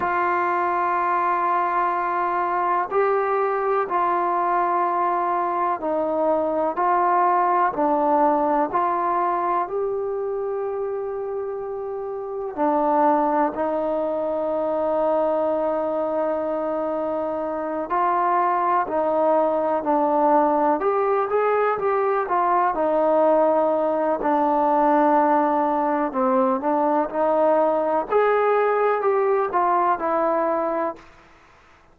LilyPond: \new Staff \with { instrumentName = "trombone" } { \time 4/4 \tempo 4 = 62 f'2. g'4 | f'2 dis'4 f'4 | d'4 f'4 g'2~ | g'4 d'4 dis'2~ |
dis'2~ dis'8 f'4 dis'8~ | dis'8 d'4 g'8 gis'8 g'8 f'8 dis'8~ | dis'4 d'2 c'8 d'8 | dis'4 gis'4 g'8 f'8 e'4 | }